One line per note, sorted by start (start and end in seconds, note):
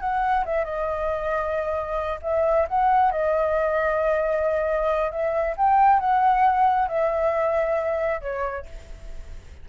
0.00 0.44 F#5
0.45 0.64 E5
0.64 2.20 D#5
2.22 2.67 E5
2.68 3.12 F#5
3.12 5.11 D#5
5.11 5.56 E5
5.57 6.00 G5
6.00 6.88 F#5
6.88 8.21 E5
8.21 8.66 C#5